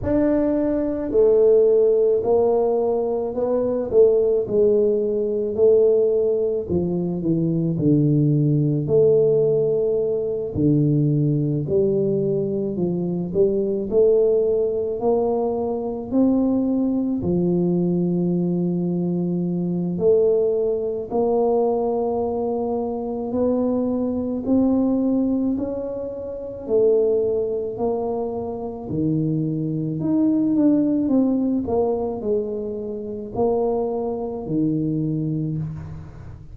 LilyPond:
\new Staff \with { instrumentName = "tuba" } { \time 4/4 \tempo 4 = 54 d'4 a4 ais4 b8 a8 | gis4 a4 f8 e8 d4 | a4. d4 g4 f8 | g8 a4 ais4 c'4 f8~ |
f2 a4 ais4~ | ais4 b4 c'4 cis'4 | a4 ais4 dis4 dis'8 d'8 | c'8 ais8 gis4 ais4 dis4 | }